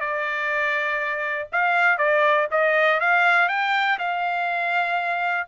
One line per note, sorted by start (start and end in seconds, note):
0.00 1.49 D5
1.52 1.98 F5
1.98 2.47 D5
2.51 3.00 D#5
3.00 3.49 F5
3.49 3.98 G5
3.98 5.47 F5